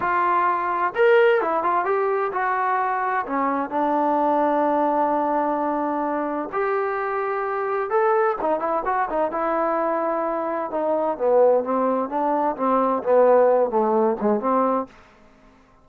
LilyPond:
\new Staff \with { instrumentName = "trombone" } { \time 4/4 \tempo 4 = 129 f'2 ais'4 e'8 f'8 | g'4 fis'2 cis'4 | d'1~ | d'2 g'2~ |
g'4 a'4 dis'8 e'8 fis'8 dis'8 | e'2. dis'4 | b4 c'4 d'4 c'4 | b4. a4 gis8 c'4 | }